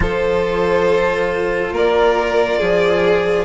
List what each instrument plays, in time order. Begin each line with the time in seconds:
0.00 bassoon F3, cello F4, violin A4 C5
1.72 bassoon A#3, violin A#4 D5
2.59 bassoon F3, violin G#4